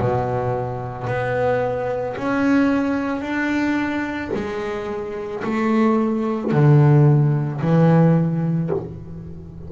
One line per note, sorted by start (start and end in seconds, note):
0.00 1.08 B2
1.08 2.17 B3
2.17 3.22 C#4
3.22 4.31 D4
4.34 5.43 G#3
5.44 6.53 A3
6.53 7.62 D3
7.62 8.71 E3